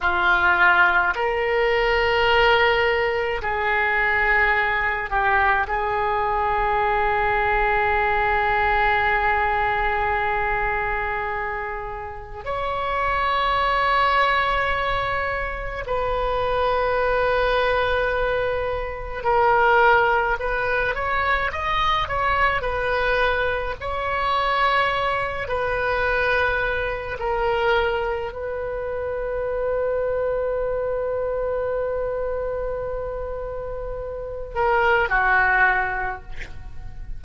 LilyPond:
\new Staff \with { instrumentName = "oboe" } { \time 4/4 \tempo 4 = 53 f'4 ais'2 gis'4~ | gis'8 g'8 gis'2.~ | gis'2. cis''4~ | cis''2 b'2~ |
b'4 ais'4 b'8 cis''8 dis''8 cis''8 | b'4 cis''4. b'4. | ais'4 b'2.~ | b'2~ b'8 ais'8 fis'4 | }